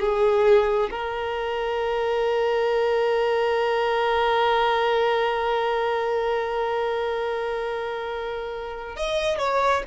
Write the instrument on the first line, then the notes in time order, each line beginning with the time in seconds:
violin
0.00 G#4
0.91 A#4
8.96 D#5
9.39 C#5